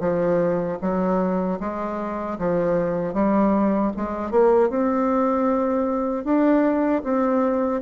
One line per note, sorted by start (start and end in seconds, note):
0.00 0.78 F3
0.81 1.59 F#3
1.60 2.38 G#3
2.38 3.13 F3
3.13 3.91 G3
3.96 4.31 G#3
4.31 4.70 A#3
4.70 6.24 C4
6.24 7.02 D4
7.03 7.81 C4